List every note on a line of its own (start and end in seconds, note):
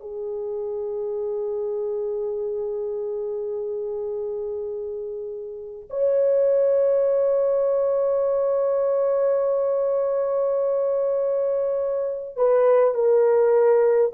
0.00 5.88 G#4
5.90 12.36 C#5
12.36 12.94 B4
12.94 14.12 A#4